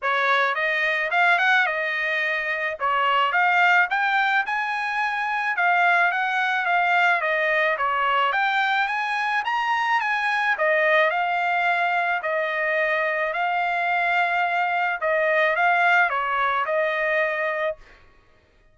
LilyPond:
\new Staff \with { instrumentName = "trumpet" } { \time 4/4 \tempo 4 = 108 cis''4 dis''4 f''8 fis''8 dis''4~ | dis''4 cis''4 f''4 g''4 | gis''2 f''4 fis''4 | f''4 dis''4 cis''4 g''4 |
gis''4 ais''4 gis''4 dis''4 | f''2 dis''2 | f''2. dis''4 | f''4 cis''4 dis''2 | }